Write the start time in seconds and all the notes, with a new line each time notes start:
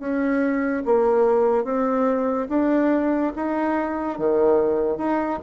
0.00 C#4
0.86 A#3
1.64 C4
2.50 D4
3.36 D#4
4.19 D#3
4.98 D#4